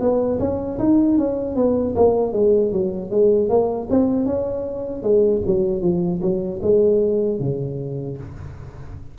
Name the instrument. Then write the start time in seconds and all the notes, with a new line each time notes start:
tuba
0.00 B3
0.40 C#4
0.79 D#4
1.18 C#4
1.56 B3
1.96 A#3
2.33 G#3
2.72 F#3
3.11 G#3
3.49 A#3
3.90 C4
4.26 C#4
5.03 G#3
5.47 F#3
5.82 F3
6.22 F#3
6.62 G#3
7.40 C#3